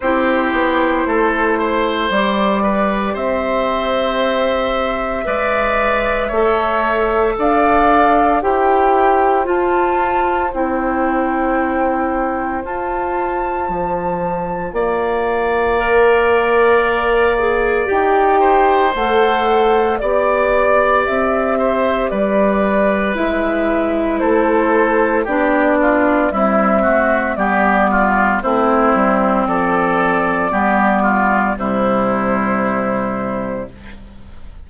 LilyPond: <<
  \new Staff \with { instrumentName = "flute" } { \time 4/4 \tempo 4 = 57 c''2 d''4 e''4~ | e''2. f''4 | g''4 a''4 g''2 | a''2 f''2~ |
f''4 g''4 fis''4 d''4 | e''4 d''4 e''4 c''4 | d''4 e''4 d''4 c''4 | d''2 c''2 | }
  \new Staff \with { instrumentName = "oboe" } { \time 4/4 g'4 a'8 c''4 b'8 c''4~ | c''4 d''4 cis''4 d''4 | c''1~ | c''2 d''2~ |
d''4. c''4. d''4~ | d''8 c''8 b'2 a'4 | g'8 f'8 e'8 fis'8 g'8 f'8 e'4 | a'4 g'8 f'8 e'2 | }
  \new Staff \with { instrumentName = "clarinet" } { \time 4/4 e'2 g'2~ | g'4 b'4 a'2 | g'4 f'4 e'2 | f'2. ais'4~ |
ais'8 gis'8 g'4 a'4 g'4~ | g'2 e'2 | d'4 g8 a8 b4 c'4~ | c'4 b4 g2 | }
  \new Staff \with { instrumentName = "bassoon" } { \time 4/4 c'8 b8 a4 g4 c'4~ | c'4 gis4 a4 d'4 | e'4 f'4 c'2 | f'4 f4 ais2~ |
ais4 dis'4 a4 b4 | c'4 g4 gis4 a4 | b4 c'4 g4 a8 g8 | f4 g4 c2 | }
>>